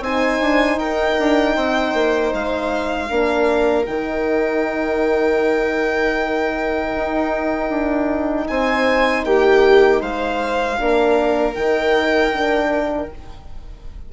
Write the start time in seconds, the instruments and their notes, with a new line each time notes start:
0.00 bassoon C4, horn D#4, viola C5, violin G#5
0.41 bassoon D4
0.77 bassoon D#4, viola A#4, violin G5
1.19 bassoon D4
1.56 bassoon C4, viola C5
1.93 bassoon A#3
2.33 bassoon G#3, violin F5
3.08 bassoon A#3, horn D4, viola A#4
3.86 bassoon D#3, horn D#4, violin G5
6.96 bassoon D#4
7.69 bassoon D4
8.47 bassoon C4, viola C5, violin G#5
9.25 bassoon A#3, viola G4, violin G5
10.00 bassoon G#3, viola C5, violin F5
10.78 bassoon A#3, horn D4, viola A#4
11.54 bassoon D#3, horn D#4, violin G5
12.33 horn D4